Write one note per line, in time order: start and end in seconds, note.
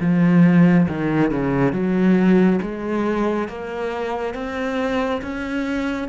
0.00 0.87 F3
0.88 1.30 D#3
1.30 1.72 C#3
1.72 2.59 F#3
2.61 3.47 G#3
3.47 4.34 A#3
4.34 5.21 C4
5.21 6.08 C#4